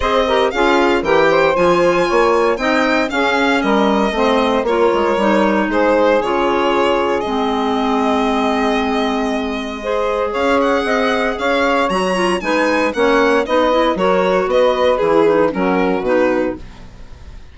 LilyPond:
<<
  \new Staff \with { instrumentName = "violin" } { \time 4/4 \tempo 4 = 116 dis''4 f''4 g''4 gis''4~ | gis''4 g''4 f''4 dis''4~ | dis''4 cis''2 c''4 | cis''2 dis''2~ |
dis''1 | f''8 fis''4. f''4 ais''4 | gis''4 fis''4 dis''4 cis''4 | dis''4 gis'4 ais'4 b'4 | }
  \new Staff \with { instrumentName = "saxophone" } { \time 4/4 c''8 ais'8 gis'4 ais'8 c''4. | cis''4 dis''4 gis'4 ais'4 | c''4 ais'2 gis'4~ | gis'1~ |
gis'2. c''4 | cis''4 dis''4 cis''2 | b'4 cis''4 b'4 ais'4 | b'2 fis'2 | }
  \new Staff \with { instrumentName = "clarinet" } { \time 4/4 gis'8 g'8 f'4 g'4 f'4~ | f'4 dis'4 cis'2 | c'4 f'4 dis'2 | f'2 c'2~ |
c'2. gis'4~ | gis'2. fis'8 f'8 | dis'4 cis'4 dis'8 e'8 fis'4~ | fis'4 e'8 dis'8 cis'4 dis'4 | }
  \new Staff \with { instrumentName = "bassoon" } { \time 4/4 c'4 cis'4 e4 f4 | ais4 c'4 cis'4 g4 | a4 ais8 gis8 g4 gis4 | cis2 gis2~ |
gis1 | cis'4 c'4 cis'4 fis4 | gis4 ais4 b4 fis4 | b4 e4 fis4 b,4 | }
>>